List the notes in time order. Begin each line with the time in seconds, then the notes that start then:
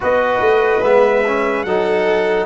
0.00 B3 F#4 B4 D#5
0.40 A3
0.82 G#3 B3 E5
1.26 C#4
1.63 F#3 D#4 A4 F#5